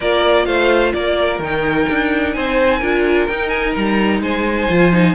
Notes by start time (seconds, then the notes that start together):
0.00 A#3 F4 A#4 D5
0.45 A3 C5 F5
0.93 A#3 A#4 D5
1.39 D#3 D#4 G5
1.89 D4
2.32 C4 C5 G#5
2.79 D4 F4 A#4
3.27 D#4 G5
3.49 G#5
3.74 G3 A#5
4.20 G#3 C5 G#5
4.69 F3 F4
4.92 D#4